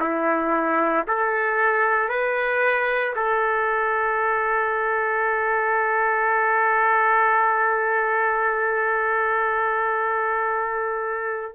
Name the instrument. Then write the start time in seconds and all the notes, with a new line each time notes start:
trumpet
0.00 E4
1.07 A4
2.09 B4
3.16 A4